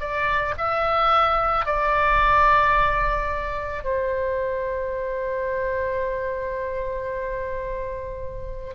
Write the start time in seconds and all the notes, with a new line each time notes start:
0.00 D5
0.58 E5
1.66 D5
3.84 C5